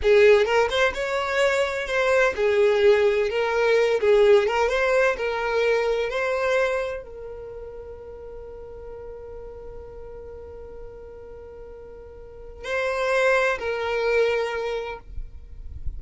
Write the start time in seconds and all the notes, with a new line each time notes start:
0.02 G#4
0.45 A#4
0.69 C5
0.94 C#5
1.87 C5
2.36 G#4
3.29 A#4
4.00 G#4
4.47 A#4
4.69 C5
5.17 A#4
6.09 C5
7.02 A#4
12.64 C5
13.58 A#4